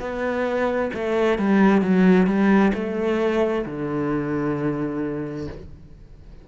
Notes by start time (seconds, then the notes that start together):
0.00 B3
0.93 A3
1.38 G3
1.81 F#3
2.27 G3
2.74 A3
3.66 D3